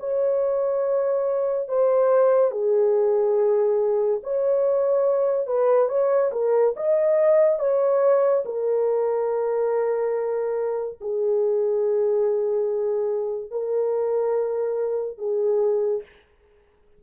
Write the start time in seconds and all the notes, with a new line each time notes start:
0.00 C#5
1.69 C5
2.52 G#4
4.24 C#5
5.47 B4
5.89 C#5
6.32 A#4
6.76 D#5
7.59 C#5
8.45 A#4
11.01 G#4
13.51 A#4
15.18 G#4